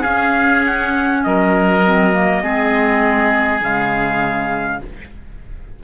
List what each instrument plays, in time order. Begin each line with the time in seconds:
0.00 clarinet C#4, cello C#4, oboe G#4, trumpet F5
0.66 trumpet F#5
1.24 cello F#3, oboe A#4, trumpet D#5
1.83 clarinet C4
2.12 clarinet A#3
2.42 cello G#3, clarinet C4, oboe G#4
3.60 cello C#3, clarinet G#3, trumpet F5